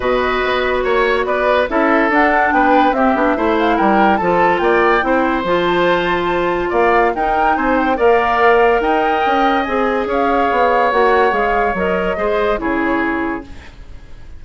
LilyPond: <<
  \new Staff \with { instrumentName = "flute" } { \time 4/4 \tempo 4 = 143 dis''2 cis''4 d''4 | e''4 fis''4 g''4 e''4~ | e''8 f''8 g''4 a''4 g''4~ | g''4 a''2. |
f''4 g''4 gis''8 g''8 f''4~ | f''4 g''2 gis''4 | f''2 fis''4 f''4 | dis''2 cis''2 | }
  \new Staff \with { instrumentName = "oboe" } { \time 4/4 b'2 cis''4 b'4 | a'2 b'4 g'4 | c''4 ais'4 a'4 d''4 | c''1 |
d''4 ais'4 c''4 d''4~ | d''4 dis''2. | cis''1~ | cis''4 c''4 gis'2 | }
  \new Staff \with { instrumentName = "clarinet" } { \time 4/4 fis'1 | e'4 d'2 c'8 d'8 | e'2 f'2 | e'4 f'2.~ |
f'4 dis'2 ais'4~ | ais'2. gis'4~ | gis'2 fis'4 gis'4 | ais'4 gis'4 e'2 | }
  \new Staff \with { instrumentName = "bassoon" } { \time 4/4 b,4 b4 ais4 b4 | cis'4 d'4 b4 c'8 b8 | a4 g4 f4 ais4 | c'4 f2. |
ais4 dis'4 c'4 ais4~ | ais4 dis'4 cis'4 c'4 | cis'4 b4 ais4 gis4 | fis4 gis4 cis2 | }
>>